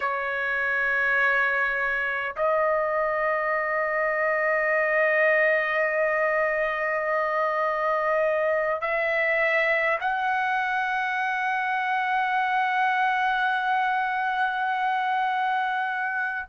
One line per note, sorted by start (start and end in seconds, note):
0.00 2.35 C#5
2.36 8.81 D#5
8.81 9.98 E5
10.00 16.47 F#5